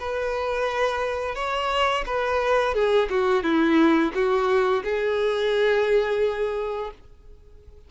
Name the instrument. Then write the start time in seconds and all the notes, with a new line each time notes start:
violin
0.00 B4
1.36 C#5
2.07 B4
2.75 G#4
3.10 F#4
3.44 E4
4.15 F#4
4.84 G#4